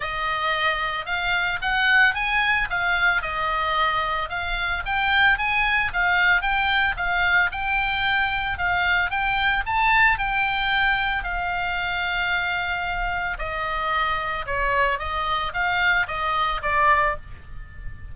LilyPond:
\new Staff \with { instrumentName = "oboe" } { \time 4/4 \tempo 4 = 112 dis''2 f''4 fis''4 | gis''4 f''4 dis''2 | f''4 g''4 gis''4 f''4 | g''4 f''4 g''2 |
f''4 g''4 a''4 g''4~ | g''4 f''2.~ | f''4 dis''2 cis''4 | dis''4 f''4 dis''4 d''4 | }